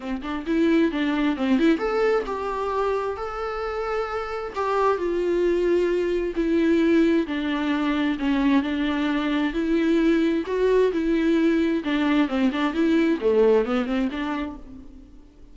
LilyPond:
\new Staff \with { instrumentName = "viola" } { \time 4/4 \tempo 4 = 132 c'8 d'8 e'4 d'4 c'8 e'8 | a'4 g'2 a'4~ | a'2 g'4 f'4~ | f'2 e'2 |
d'2 cis'4 d'4~ | d'4 e'2 fis'4 | e'2 d'4 c'8 d'8 | e'4 a4 b8 c'8 d'4 | }